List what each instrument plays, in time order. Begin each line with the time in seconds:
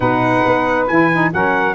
0.00 tuba B2, saxophone D#4 B4, trumpet F#5
0.45 tuba B3
0.87 tuba E3, saxophone E4, trumpet G#5
1.12 saxophone D#4
1.31 tuba F#3, saxophone C#4 A#4, trumpet F#5